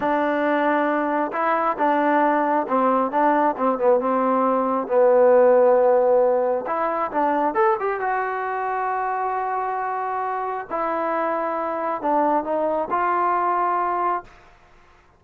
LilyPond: \new Staff \with { instrumentName = "trombone" } { \time 4/4 \tempo 4 = 135 d'2. e'4 | d'2 c'4 d'4 | c'8 b8 c'2 b4~ | b2. e'4 |
d'4 a'8 g'8 fis'2~ | fis'1 | e'2. d'4 | dis'4 f'2. | }